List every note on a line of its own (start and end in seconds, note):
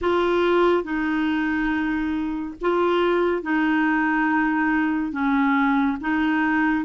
0.01 0.83 F4
0.83 2.55 D#4
2.61 3.42 F4
3.42 5.12 D#4
5.12 5.97 C#4
6.00 6.85 D#4